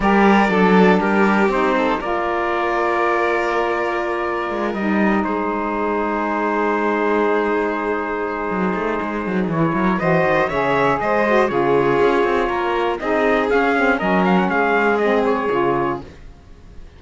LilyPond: <<
  \new Staff \with { instrumentName = "trumpet" } { \time 4/4 \tempo 4 = 120 d''2 ais'4 c''4 | d''1~ | d''4. dis''4 c''4.~ | c''1~ |
c''2. cis''4 | dis''4 e''4 dis''4 cis''4~ | cis''2 dis''4 f''4 | dis''8 f''16 fis''16 f''4 dis''8 cis''4. | }
  \new Staff \with { instrumentName = "violin" } { \time 4/4 ais'4 a'4 g'4. a'8 | ais'1~ | ais'2~ ais'8 gis'4.~ | gis'1~ |
gis'2.~ gis'8 ais'8 | c''4 cis''4 c''4 gis'4~ | gis'4 ais'4 gis'2 | ais'4 gis'2. | }
  \new Staff \with { instrumentName = "saxophone" } { \time 4/4 g'4 d'2 dis'4 | f'1~ | f'4. dis'2~ dis'8~ | dis'1~ |
dis'2. e'4 | fis'4 gis'4. fis'8 f'4~ | f'2 dis'4 cis'8 c'8 | cis'2 c'4 f'4 | }
  \new Staff \with { instrumentName = "cello" } { \time 4/4 g4 fis4 g4 c'4 | ais1~ | ais4 gis8 g4 gis4.~ | gis1~ |
gis4 fis8 a8 gis8 fis8 e8 fis8 | e8 dis8 cis4 gis4 cis4 | cis'8 c'8 ais4 c'4 cis'4 | fis4 gis2 cis4 | }
>>